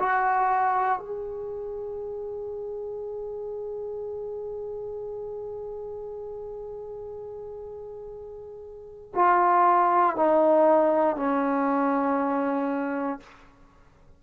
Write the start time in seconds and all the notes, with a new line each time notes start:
0.00 F#4
0.99 G#4
9.15 F4
10.17 D#4
11.17 C#4